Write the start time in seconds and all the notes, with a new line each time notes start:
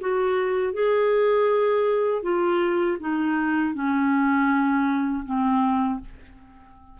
0.00 F#4
0.73 G#4
2.22 F4
3.00 D#4
3.73 C#4
5.25 C4